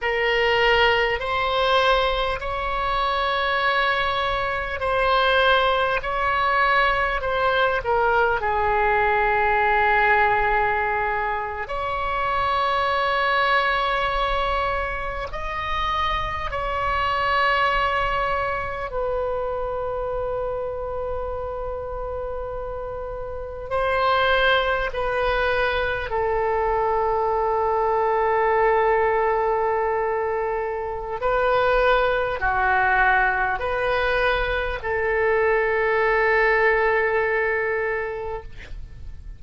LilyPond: \new Staff \with { instrumentName = "oboe" } { \time 4/4 \tempo 4 = 50 ais'4 c''4 cis''2 | c''4 cis''4 c''8 ais'8 gis'4~ | gis'4.~ gis'16 cis''2~ cis''16~ | cis''8. dis''4 cis''2 b'16~ |
b'2.~ b'8. c''16~ | c''8. b'4 a'2~ a'16~ | a'2 b'4 fis'4 | b'4 a'2. | }